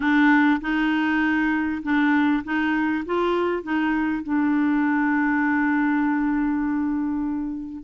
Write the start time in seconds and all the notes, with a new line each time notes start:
0.00 D4
0.61 D#4
1.82 D4
2.44 D#4
3.05 F4
3.62 D#4
4.23 D4